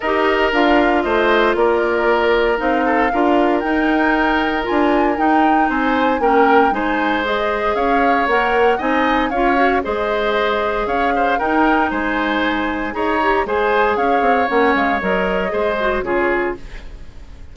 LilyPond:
<<
  \new Staff \with { instrumentName = "flute" } { \time 4/4 \tempo 4 = 116 dis''4 f''4 dis''4 d''4~ | d''4 f''2 g''4~ | g''4 gis''4 g''4 gis''4 | g''4 gis''4 dis''4 f''4 |
fis''4 gis''4 f''4 dis''4~ | dis''4 f''4 g''4 gis''4~ | gis''4 ais''4 gis''4 f''4 | fis''8 f''8 dis''2 cis''4 | }
  \new Staff \with { instrumentName = "oboe" } { \time 4/4 ais'2 c''4 ais'4~ | ais'4. a'8 ais'2~ | ais'2. c''4 | ais'4 c''2 cis''4~ |
cis''4 dis''4 cis''4 c''4~ | c''4 cis''8 c''8 ais'4 c''4~ | c''4 cis''4 c''4 cis''4~ | cis''2 c''4 gis'4 | }
  \new Staff \with { instrumentName = "clarinet" } { \time 4/4 g'4 f'2.~ | f'4 dis'4 f'4 dis'4~ | dis'4 f'4 dis'2 | cis'4 dis'4 gis'2 |
ais'4 dis'4 f'8 fis'8 gis'4~ | gis'2 dis'2~ | dis'4 gis'8 g'8 gis'2 | cis'4 ais'4 gis'8 fis'8 f'4 | }
  \new Staff \with { instrumentName = "bassoon" } { \time 4/4 dis'4 d'4 a4 ais4~ | ais4 c'4 d'4 dis'4~ | dis'4 d'4 dis'4 c'4 | ais4 gis2 cis'4 |
ais4 c'4 cis'4 gis4~ | gis4 cis'4 dis'4 gis4~ | gis4 dis'4 gis4 cis'8 c'8 | ais8 gis8 fis4 gis4 cis4 | }
>>